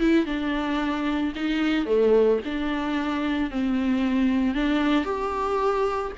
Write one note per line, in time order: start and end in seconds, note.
0.00 0.26 E4
0.26 1.33 D4
1.35 1.86 D#4
1.86 2.39 A3
2.45 3.50 D4
3.50 4.55 C4
4.55 5.05 D4
5.05 6.12 G4